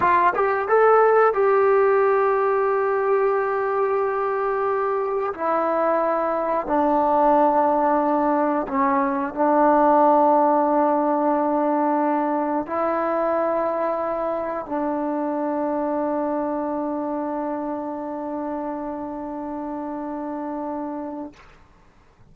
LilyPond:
\new Staff \with { instrumentName = "trombone" } { \time 4/4 \tempo 4 = 90 f'8 g'8 a'4 g'2~ | g'1 | e'2 d'2~ | d'4 cis'4 d'2~ |
d'2. e'4~ | e'2 d'2~ | d'1~ | d'1 | }